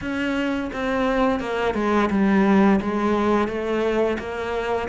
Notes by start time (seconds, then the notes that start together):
0.01 C#4
0.72 C4
1.40 A#3
1.74 G#3
2.10 G3
2.80 G#3
3.48 A3
4.18 A#3